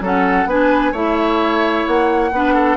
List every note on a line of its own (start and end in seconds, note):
0.00 0.45 F#3
0.00 0.48 C#4
0.00 0.49 A4
0.00 0.49 F#5
0.45 0.92 B3
0.45 0.94 D4
0.45 0.91 B4
0.45 0.95 G#5
0.91 1.85 A3
0.91 2.32 E4
0.91 2.30 C#5
0.91 1.87 E5
1.87 2.31 A#3
1.87 2.77 F#5
2.31 2.77 B3
2.31 2.77 D4
2.31 2.54 B4
2.54 2.77 A4